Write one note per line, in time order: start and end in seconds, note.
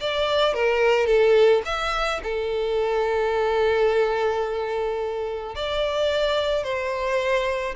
0.00 0.54 D5
0.54 1.06 A#4
1.06 1.62 A4
1.65 2.20 E5
2.23 5.55 A4
5.55 6.63 D5
6.63 7.74 C5